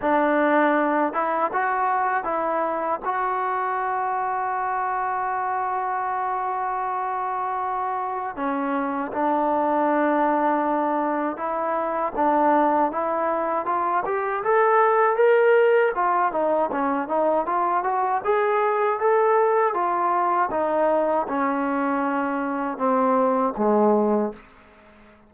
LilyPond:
\new Staff \with { instrumentName = "trombone" } { \time 4/4 \tempo 4 = 79 d'4. e'8 fis'4 e'4 | fis'1~ | fis'2. cis'4 | d'2. e'4 |
d'4 e'4 f'8 g'8 a'4 | ais'4 f'8 dis'8 cis'8 dis'8 f'8 fis'8 | gis'4 a'4 f'4 dis'4 | cis'2 c'4 gis4 | }